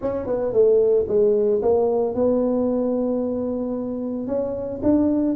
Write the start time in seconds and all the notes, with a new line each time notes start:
0.01 C#4
0.26 B3
0.52 A3
1.07 G#3
1.61 A#3
2.14 B3
4.27 C#4
4.82 D4